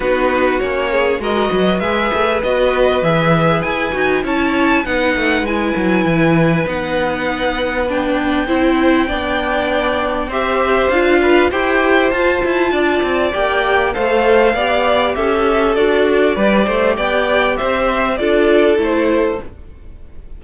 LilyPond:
<<
  \new Staff \with { instrumentName = "violin" } { \time 4/4 \tempo 4 = 99 b'4 cis''4 dis''4 e''4 | dis''4 e''4 gis''4 a''4 | fis''4 gis''2 fis''4~ | fis''4 g''2.~ |
g''4 e''4 f''4 g''4 | a''2 g''4 f''4~ | f''4 e''4 d''2 | g''4 e''4 d''4 c''4 | }
  \new Staff \with { instrumentName = "violin" } { \time 4/4 fis'4. gis'8 ais'8 b'4.~ | b'2. cis''4 | b'1~ | b'2 c''4 d''4~ |
d''4 c''4. b'8 c''4~ | c''4 d''2 c''4 | d''4 a'2 b'8 c''8 | d''4 c''4 a'2 | }
  \new Staff \with { instrumentName = "viola" } { \time 4/4 dis'4 cis'4 fis'4 gis'4 | fis'4 gis'4. fis'8 e'4 | dis'4 e'2 dis'4~ | dis'4 d'4 e'4 d'4~ |
d'4 g'4 f'4 g'4 | f'2 g'4 a'4 | g'2 fis'4 g'4~ | g'2 f'4 e'4 | }
  \new Staff \with { instrumentName = "cello" } { \time 4/4 b4 ais4 gis8 fis8 gis8 a8 | b4 e4 e'8 dis'8 cis'4 | b8 a8 gis8 fis8 e4 b4~ | b2 c'4 b4~ |
b4 c'4 d'4 e'4 | f'8 e'8 d'8 c'8 ais4 a4 | b4 cis'4 d'4 g8 a8 | b4 c'4 d'4 a4 | }
>>